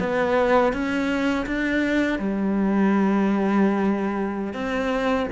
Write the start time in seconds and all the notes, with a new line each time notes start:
0.00 B3
0.73 C#4
1.46 D4
2.19 G3
4.53 C4